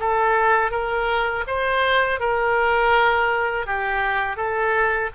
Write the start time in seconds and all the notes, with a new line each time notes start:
0.00 A4
0.72 A#4
1.47 C5
2.20 A#4
3.67 G4
4.37 A4